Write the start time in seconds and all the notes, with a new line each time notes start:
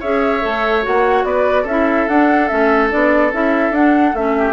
0.00 C#4 G#4 C#5 E5
0.41 A3 A4
0.83 A#3 F#4 F#5
1.24 B3 B4 D5
1.62 C#4 A4 E5
1.69 E4
2.08 D4 F#5
2.48 A3 C#4 E5
2.90 B3 D4 D5
3.33 C#4 E4 E5
3.70 D4 F#5
4.14 A3 C#4 E5
4.38 G4